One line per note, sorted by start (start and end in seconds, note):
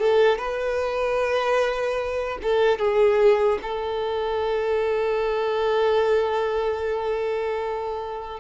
0.00 0.39 A4
0.39 2.39 B4
2.43 2.79 A4
2.79 3.59 G#4
3.63 8.41 A4